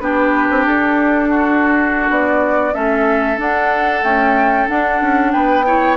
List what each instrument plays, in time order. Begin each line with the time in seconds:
0.00 bassoon B3, clarinet D4, oboe G4, flute B4
0.50 bassoon C4
0.66 bassoon D4, flute A4
1.29 oboe F#4
2.10 bassoon B3, flute D5
2.74 bassoon A3, clarinet C#4, oboe A4, flute E5
3.38 clarinet D4, bassoon D4, flute F#5
4.02 clarinet A3, bassoon C#4, flute G5
4.68 clarinet D4, bassoon D4, flute F#5
5.02 bassoon C#4
5.32 bassoon B3, oboe B4, flute G5
5.67 clarinet E4, oboe C#5